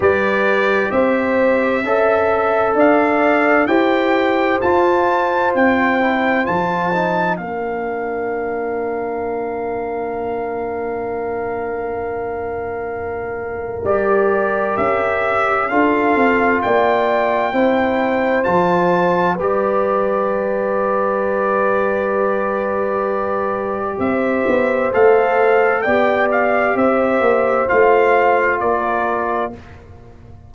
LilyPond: <<
  \new Staff \with { instrumentName = "trumpet" } { \time 4/4 \tempo 4 = 65 d''4 e''2 f''4 | g''4 a''4 g''4 a''4 | f''1~ | f''2. d''4 |
e''4 f''4 g''2 | a''4 d''2.~ | d''2 e''4 f''4 | g''8 f''8 e''4 f''4 d''4 | }
  \new Staff \with { instrumentName = "horn" } { \time 4/4 b'4 c''4 e''4 d''4 | c''1 | ais'1~ | ais'1~ |
ais'4 a'4 d''4 c''4~ | c''4 b'2.~ | b'2 c''2 | d''4 c''2 ais'4 | }
  \new Staff \with { instrumentName = "trombone" } { \time 4/4 g'2 a'2 | g'4 f'4. e'8 f'8 dis'8 | d'1~ | d'2. g'4~ |
g'4 f'2 e'4 | f'4 g'2.~ | g'2. a'4 | g'2 f'2 | }
  \new Staff \with { instrumentName = "tuba" } { \time 4/4 g4 c'4 cis'4 d'4 | e'4 f'4 c'4 f4 | ais1~ | ais2. g4 |
cis'4 d'8 c'8 ais4 c'4 | f4 g2.~ | g2 c'8 b8 a4 | b4 c'8 ais8 a4 ais4 | }
>>